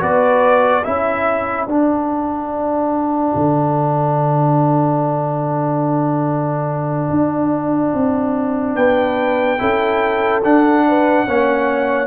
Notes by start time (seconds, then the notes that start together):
0.00 B3 F#4 B4 D5
0.83 C#4 E4 A4 E5
1.66 D4 F#5
3.35 D3
7.10 D4
7.94 C4
8.76 B3 B4 G5
9.59 C#4 E4 A4
10.44 D4 F#5
10.88 B4
11.26 A#3 C#4 C#5